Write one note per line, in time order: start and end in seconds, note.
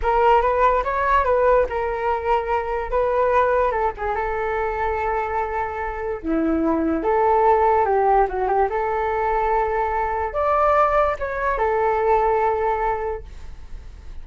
0.02 0.41 A#4
0.41 0.83 B4
0.84 1.24 C#5
1.24 1.66 B4
1.69 2.90 A#4
2.90 3.71 B4
3.71 3.92 A4
3.97 4.15 G#4
4.15 6.22 A4
6.22 7.03 E4
7.03 7.85 A4
7.85 8.26 G4
8.28 8.47 F#4
8.47 8.68 G4
8.69 10.33 A4
10.33 11.16 D5
11.19 11.58 C#5
11.58 13.23 A4